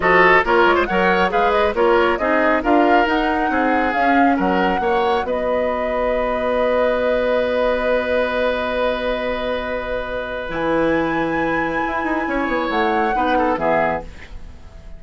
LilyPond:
<<
  \new Staff \with { instrumentName = "flute" } { \time 4/4 \tempo 4 = 137 dis''4 cis''4 fis''4 f''8 dis''8 | cis''4 dis''4 f''4 fis''4~ | fis''4 f''4 fis''2 | dis''1~ |
dis''1~ | dis''1 | gis''1~ | gis''4 fis''2 e''4 | }
  \new Staff \with { instrumentName = "oboe" } { \time 4/4 a'4 ais'8. c''16 cis''4 b'4 | ais'4 gis'4 ais'2 | gis'2 ais'4 cis''4 | b'1~ |
b'1~ | b'1~ | b'1 | cis''2 b'8 a'8 gis'4 | }
  \new Staff \with { instrumentName = "clarinet" } { \time 4/4 fis'4 f'4 ais'4 gis'4 | f'4 dis'4 f'4 dis'4~ | dis'4 cis'2 fis'4~ | fis'1~ |
fis'1~ | fis'1 | e'1~ | e'2 dis'4 b4 | }
  \new Staff \with { instrumentName = "bassoon" } { \time 4/4 f4 ais8 gis8 fis4 gis4 | ais4 c'4 d'4 dis'4 | c'4 cis'4 fis4 ais4 | b1~ |
b1~ | b1 | e2. e'8 dis'8 | cis'8 b8 a4 b4 e4 | }
>>